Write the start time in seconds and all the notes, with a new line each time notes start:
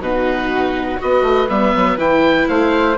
0.00 B2 D#4 F#4 B4
0.98 B3 F#4 B4 D#5
1.22 A3
1.49 G3 B3 E5
1.75 F#3
1.97 E3 E4 G5
2.48 A3 C5 F5